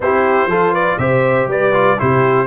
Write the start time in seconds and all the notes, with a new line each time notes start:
0.00 C4 E4 G4 C5
0.46 F3 F4 A4
0.72 B4 D5
0.98 C3 G4 C5 E5
1.47 G3 B4 D5
1.72 F4
1.97 C3 E4 G4 C5